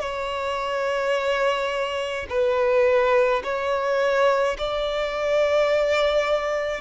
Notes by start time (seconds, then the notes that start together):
0.00 C#5
2.29 B4
3.44 C#5
4.58 D5